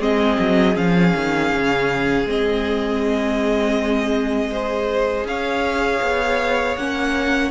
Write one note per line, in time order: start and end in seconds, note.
0.00 0.38 G#3
0.00 0.75 C4
0.00 4.50 G#4
0.00 0.77 D#5
0.39 0.77 F#3
0.75 1.14 F3
0.75 2.25 C#4
0.75 2.27 F5
1.15 1.53 D#3
1.53 2.25 C#3
2.25 5.25 G#3
2.25 4.52 C4
2.25 5.28 D#5
4.52 6.79 G#4
4.52 5.27 C5
5.25 6.00 C#4
5.25 7.51 C#5
5.25 6.77 F5
6.02 6.76 B3
6.76 7.51 A#3
6.76 7.51 C#4
6.76 7.51 F#5